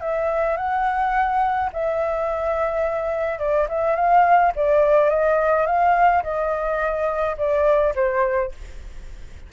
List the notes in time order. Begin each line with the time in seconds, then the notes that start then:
0.00 E5
0.56 F#5
1.72 E5
3.38 D5
3.68 E5
3.95 F5
4.55 D5
5.09 D#5
5.66 F5
6.23 D#5
7.37 D5
7.95 C5